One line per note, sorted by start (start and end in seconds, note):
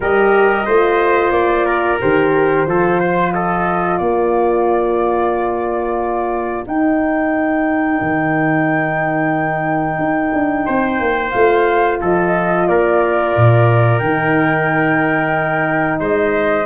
0.00 0.66 G3
0.00 0.67 G4
0.00 0.65 A#4
0.00 1.31 D#5
0.65 1.30 A3
0.65 2.00 F4
0.65 1.65 C5
1.30 1.97 A#3
1.30 1.98 D5
1.65 2.65 A#4
2.00 2.66 D#3
2.00 2.67 G4
2.00 3.32 C5
2.66 3.99 F3
2.66 6.67 F4
2.66 2.99 A4
2.99 3.32 C5
3.32 4.00 A4
3.32 3.97 D#5
3.97 6.66 A#3
3.97 10.65 A#4
3.97 6.64 D5
6.66 8.00 D#4
6.66 11.34 D#4
6.66 11.31 G5
8.01 9.98 D#3
9.98 10.31 D#4
10.33 10.66 D4
10.65 10.99 C4
10.65 11.99 C5
10.99 11.33 A#3
11.31 12.01 A3
11.31 14.01 F4
11.31 11.97 F5
12.00 12.68 F3
12.00 12.67 A4
12.00 12.67 D#5
12.67 13.34 A#3
12.67 16.00 A#4
12.67 13.98 D5
13.36 14.00 A#2
13.98 16.00 D#3
13.98 16.66 D#4
13.98 15.98 G5
16.00 16.66 G#3
16.00 16.66 C5
16.00 16.66 D#5